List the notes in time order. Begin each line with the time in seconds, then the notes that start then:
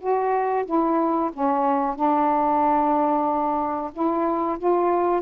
0.00 F#4
0.66 E4
1.33 C#4
1.96 D4
3.93 E4
4.59 F4